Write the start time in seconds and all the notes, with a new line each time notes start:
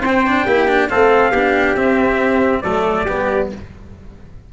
0.00 C4 C5 G5
0.27 D4
0.46 A#3 E4 G4
0.68 D4
0.89 A3 C4 A4 F5
1.32 B3 D4 G4
1.75 C4 E5
2.62 F#3 A3 A4 D5
3.05 G3 B3 G4